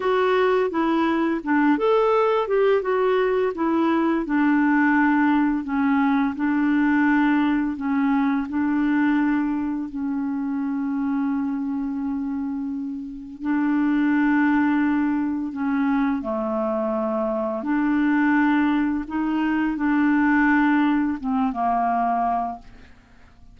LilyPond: \new Staff \with { instrumentName = "clarinet" } { \time 4/4 \tempo 4 = 85 fis'4 e'4 d'8 a'4 g'8 | fis'4 e'4 d'2 | cis'4 d'2 cis'4 | d'2 cis'2~ |
cis'2. d'4~ | d'2 cis'4 a4~ | a4 d'2 dis'4 | d'2 c'8 ais4. | }